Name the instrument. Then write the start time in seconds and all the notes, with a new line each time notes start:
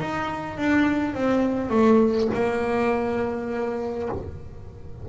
double bass
0.00 D#4
0.58 D4
1.15 C4
1.71 A3
2.34 A#3